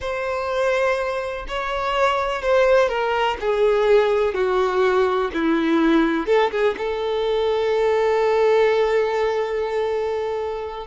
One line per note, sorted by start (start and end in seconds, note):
0.00 1.45 C5
1.48 2.41 C#5
2.41 2.89 C5
2.89 3.37 A#4
3.40 4.34 G#4
4.34 5.30 F#4
5.33 6.26 E4
6.26 6.50 A4
6.51 6.75 G#4
6.77 10.87 A4